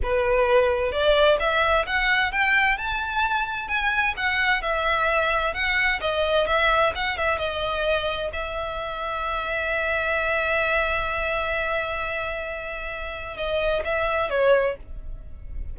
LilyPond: \new Staff \with { instrumentName = "violin" } { \time 4/4 \tempo 4 = 130 b'2 d''4 e''4 | fis''4 g''4 a''2 | gis''4 fis''4 e''2 | fis''4 dis''4 e''4 fis''8 e''8 |
dis''2 e''2~ | e''1~ | e''1~ | e''4 dis''4 e''4 cis''4 | }